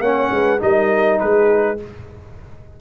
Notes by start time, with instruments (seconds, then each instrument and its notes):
0.00 tuba A#3, trombone C#4, horn C#5, trumpet F#5
0.31 tuba G#3, horn B4
0.59 tuba G3, trombone D#4, horn A#4, trumpet D#5
1.19 tuba G#3, horn G#4, trumpet B4